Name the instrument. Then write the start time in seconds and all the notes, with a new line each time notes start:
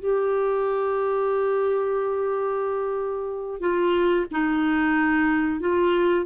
clarinet
0.00 G4
3.60 F4
4.31 D#4
5.60 F4